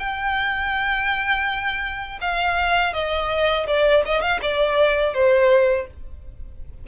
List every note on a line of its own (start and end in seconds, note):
0.00 2.20 G5
2.22 2.94 F5
2.94 3.67 D#5
3.68 4.04 D5
4.06 4.22 D#5
4.22 4.40 F5
4.42 5.15 D5
5.15 5.88 C5